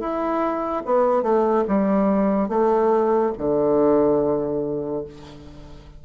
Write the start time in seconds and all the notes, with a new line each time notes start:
0.00 E4
0.86 B3
1.23 A3
1.68 G3
2.49 A3
3.38 D3